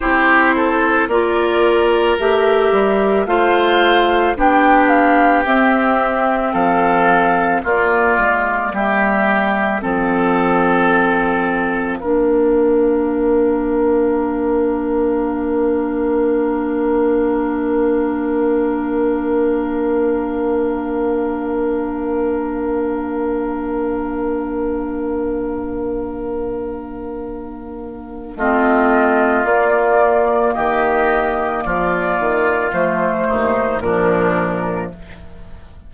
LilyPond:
<<
  \new Staff \with { instrumentName = "flute" } { \time 4/4 \tempo 4 = 55 c''4 d''4 e''4 f''4 | g''8 f''8 e''4 f''4 d''4 | e''4 f''2.~ | f''1~ |
f''1~ | f''1~ | f''2 dis''4 d''4 | dis''4 d''4 c''4 ais'4 | }
  \new Staff \with { instrumentName = "oboe" } { \time 4/4 g'8 a'8 ais'2 c''4 | g'2 a'4 f'4 | g'4 a'2 ais'4~ | ais'1~ |
ais'1~ | ais'1~ | ais'2 f'2 | g'4 f'4. dis'8 d'4 | }
  \new Staff \with { instrumentName = "clarinet" } { \time 4/4 e'4 f'4 g'4 f'4 | d'4 c'2 ais4~ | ais4 c'2 d'4~ | d'1~ |
d'1~ | d'1~ | d'2 c'4 ais4~ | ais2 a4 f4 | }
  \new Staff \with { instrumentName = "bassoon" } { \time 4/4 c'4 ais4 a8 g8 a4 | b4 c'4 f4 ais8 gis8 | g4 f2 ais4~ | ais1~ |
ais1~ | ais1~ | ais2 a4 ais4 | dis4 f8 dis8 f8 dis,8 ais,4 | }
>>